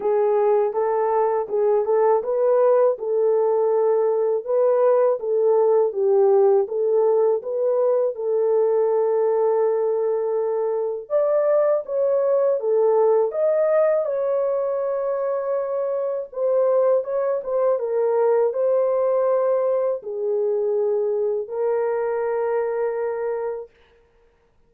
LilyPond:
\new Staff \with { instrumentName = "horn" } { \time 4/4 \tempo 4 = 81 gis'4 a'4 gis'8 a'8 b'4 | a'2 b'4 a'4 | g'4 a'4 b'4 a'4~ | a'2. d''4 |
cis''4 a'4 dis''4 cis''4~ | cis''2 c''4 cis''8 c''8 | ais'4 c''2 gis'4~ | gis'4 ais'2. | }